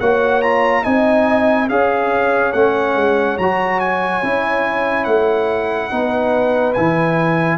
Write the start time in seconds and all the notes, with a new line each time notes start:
0.00 A#3 F#4 C#5 F#5
0.42 F4 A#5
0.83 C4 D#4 D#5 G#5
1.69 C#4 G#4 C#5 F5
2.53 A3 C#4 F#5
2.96 G#3
3.38 F#3 F#4 A#5
3.80 G#5
4.23 C#4 E4
5.04 A3 F#5
5.91 B3 D#4 B4
6.74 E3 E4 G#5